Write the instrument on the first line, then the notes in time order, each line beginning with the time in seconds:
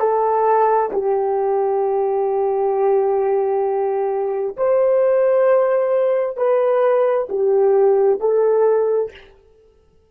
horn
0.00 A4
0.93 G4
4.57 C5
6.37 B4
7.30 G4
8.21 A4